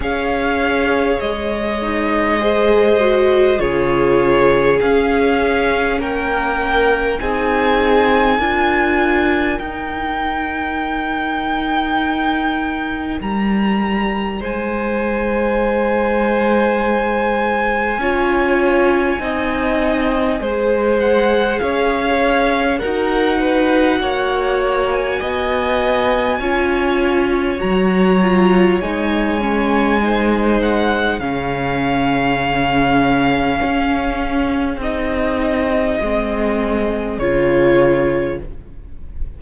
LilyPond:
<<
  \new Staff \with { instrumentName = "violin" } { \time 4/4 \tempo 4 = 50 f''4 dis''2 cis''4 | f''4 g''4 gis''2 | g''2. ais''4 | gis''1~ |
gis''4. fis''8 f''4 fis''4~ | fis''8. gis''2~ gis''16 ais''4 | gis''4. fis''8 f''2~ | f''4 dis''2 cis''4 | }
  \new Staff \with { instrumentName = "violin" } { \time 4/4 cis''2 c''4 gis'4~ | gis'4 ais'4 gis'4 ais'4~ | ais'1 | c''2. cis''4 |
dis''4 c''4 cis''4 ais'8 b'8 | cis''4 dis''4 cis''2~ | cis''4 c''4 gis'2~ | gis'1 | }
  \new Staff \with { instrumentName = "viola" } { \time 4/4 gis'4. dis'8 gis'8 fis'8 f'4 | cis'2 dis'4 f'4 | dis'1~ | dis'2. f'4 |
dis'4 gis'2 fis'4~ | fis'2 f'4 fis'8 f'8 | dis'8 cis'8 dis'4 cis'2~ | cis'4 dis'4 c'4 f'4 | }
  \new Staff \with { instrumentName = "cello" } { \time 4/4 cis'4 gis2 cis4 | cis'4 ais4 c'4 d'4 | dis'2. g4 | gis2. cis'4 |
c'4 gis4 cis'4 dis'4 | ais4 b4 cis'4 fis4 | gis2 cis2 | cis'4 c'4 gis4 cis4 | }
>>